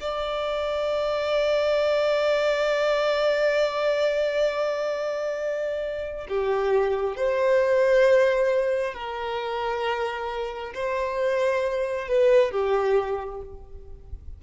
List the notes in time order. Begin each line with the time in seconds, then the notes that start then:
0.00 D5
6.28 G4
7.16 C5
8.93 A#4
10.74 C5
12.08 B4
12.51 G4